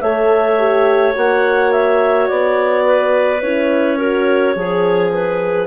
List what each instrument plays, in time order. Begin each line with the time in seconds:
0.00 bassoon A3, horn A4, clarinet C#5 E5
0.58 horn G4
1.14 bassoon A#3, horn F#4, clarinet F#5
1.72 clarinet E5
2.28 bassoon B3, clarinet D5
2.86 clarinet B4
3.42 bassoon C#4, horn E4, clarinet C#5
3.98 horn F#4, clarinet A#4
4.55 bassoon F3, horn G#4, clarinet G#4
5.13 clarinet B4